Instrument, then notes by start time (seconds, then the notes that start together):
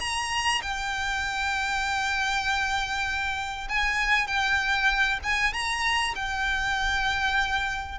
violin
0.00 A#5
0.62 G5
3.69 G#5
4.27 G5
5.23 G#5
5.53 A#5
6.16 G5